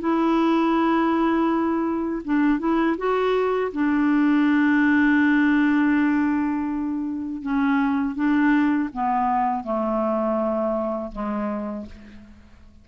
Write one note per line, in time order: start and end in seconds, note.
0.00 2.22 E4
2.25 2.59 D4
2.59 2.96 E4
2.98 3.72 F#4
3.73 7.42 D4
7.42 8.15 C#4
8.15 8.89 D4
8.93 9.64 B3
9.64 11.12 A3
11.12 11.86 G#3